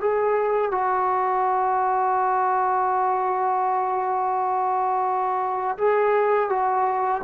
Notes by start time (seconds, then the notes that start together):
0.00 G#4
0.71 F#4
5.78 G#4
6.49 F#4